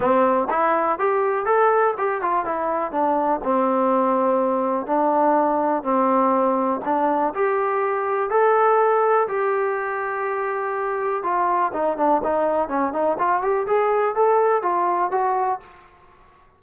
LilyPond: \new Staff \with { instrumentName = "trombone" } { \time 4/4 \tempo 4 = 123 c'4 e'4 g'4 a'4 | g'8 f'8 e'4 d'4 c'4~ | c'2 d'2 | c'2 d'4 g'4~ |
g'4 a'2 g'4~ | g'2. f'4 | dis'8 d'8 dis'4 cis'8 dis'8 f'8 g'8 | gis'4 a'4 f'4 fis'4 | }